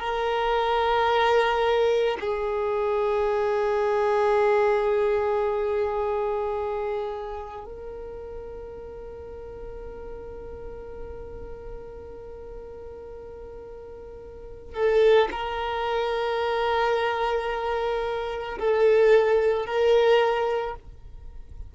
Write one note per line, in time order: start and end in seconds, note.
0.00 2.18 A#4
2.21 7.66 G#4
7.66 14.74 A#4
14.74 15.29 A4
15.32 18.59 A#4
18.59 19.66 A4
19.66 20.75 A#4